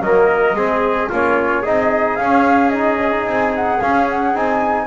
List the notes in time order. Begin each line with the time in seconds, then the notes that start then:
0.00 F#3 A#3 A#4 D#5
0.53 G#3 C4 G#4
1.09 A#3 C#4 F4 C#5
1.61 C4 D#4 G#4 D#5
2.16 C#4 F5
2.69 D#4 D#5
2.99 C#4
3.11 D#4
3.25 C4 G#5
3.55 F#5
3.81 C#4 F5
4.10 F#5
4.34 C4 D#4 G#5